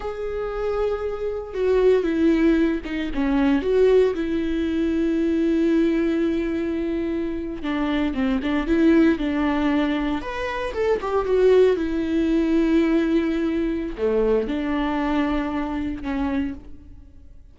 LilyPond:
\new Staff \with { instrumentName = "viola" } { \time 4/4 \tempo 4 = 116 gis'2. fis'4 | e'4. dis'8 cis'4 fis'4 | e'1~ | e'2~ e'8. d'4 c'16~ |
c'16 d'8 e'4 d'2 b'16~ | b'8. a'8 g'8 fis'4 e'4~ e'16~ | e'2. a4 | d'2. cis'4 | }